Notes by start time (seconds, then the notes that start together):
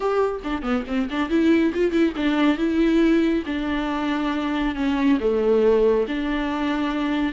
0.00 G4
0.44 D4
0.62 B3
0.87 C4
1.10 D4
1.29 E4
1.73 F4
1.91 E4
2.16 D4
2.57 E4
3.46 D4
4.75 C#4
5.20 A3
6.07 D4